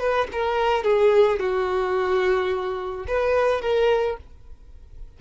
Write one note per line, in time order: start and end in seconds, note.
0.00 0.28 B4
0.32 0.84 A#4
0.84 1.40 G#4
1.40 3.06 F#4
3.08 3.62 B4
3.62 4.17 A#4